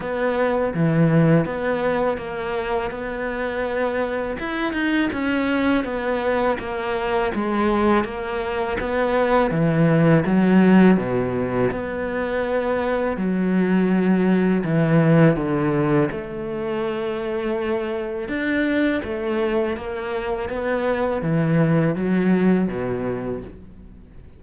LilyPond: \new Staff \with { instrumentName = "cello" } { \time 4/4 \tempo 4 = 82 b4 e4 b4 ais4 | b2 e'8 dis'8 cis'4 | b4 ais4 gis4 ais4 | b4 e4 fis4 b,4 |
b2 fis2 | e4 d4 a2~ | a4 d'4 a4 ais4 | b4 e4 fis4 b,4 | }